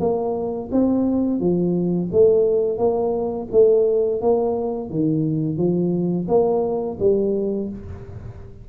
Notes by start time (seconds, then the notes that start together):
0.00 A#3
0.72 C4
1.40 F3
2.12 A3
2.78 A#3
3.52 A3
4.21 A#3
4.90 D#3
5.57 F3
6.28 A#3
7.00 G3